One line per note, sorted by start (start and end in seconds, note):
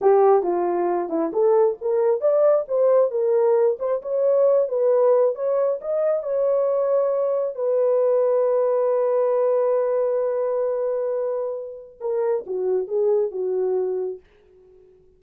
0.01 0.42 G4
0.42 1.09 F4
1.09 1.31 E4
1.32 1.77 A4
1.81 2.20 A#4
2.20 2.65 D5
2.68 3.10 C5
3.10 3.77 A#4
3.79 4.01 C5
4.02 4.68 C#5
4.68 5.35 B4
5.35 5.79 C#5
5.81 6.23 D#5
6.23 7.55 C#5
7.55 11.99 B4
12.00 12.44 A#4
12.46 12.87 F#4
12.87 13.31 G#4
13.31 14.20 F#4